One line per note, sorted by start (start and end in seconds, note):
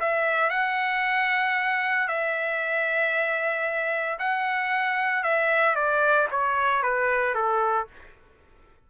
0.00 0.50 E5
0.50 2.08 F#5
2.08 4.19 E5
4.19 5.24 F#5
5.24 5.76 E5
5.76 6.28 D5
6.32 6.83 C#5
6.83 7.35 B4
7.35 7.88 A4